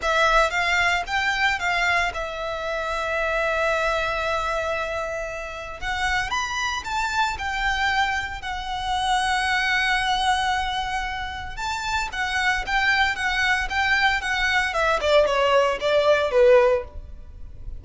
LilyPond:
\new Staff \with { instrumentName = "violin" } { \time 4/4 \tempo 4 = 114 e''4 f''4 g''4 f''4 | e''1~ | e''2. fis''4 | b''4 a''4 g''2 |
fis''1~ | fis''2 a''4 fis''4 | g''4 fis''4 g''4 fis''4 | e''8 d''8 cis''4 d''4 b'4 | }